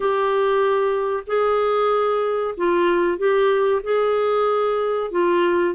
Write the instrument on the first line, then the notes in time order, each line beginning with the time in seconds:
clarinet
0.00 G4
1.26 G#4
2.57 F4
3.17 G4
3.83 G#4
5.11 F4